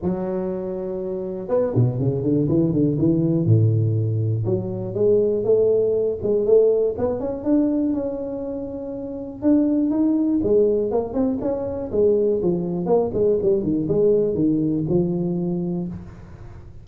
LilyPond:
\new Staff \with { instrumentName = "tuba" } { \time 4/4 \tempo 4 = 121 fis2. b8 b,8 | cis8 d8 e8 d8 e4 a,4~ | a,4 fis4 gis4 a4~ | a8 gis8 a4 b8 cis'8 d'4 |
cis'2. d'4 | dis'4 gis4 ais8 c'8 cis'4 | gis4 f4 ais8 gis8 g8 dis8 | gis4 dis4 f2 | }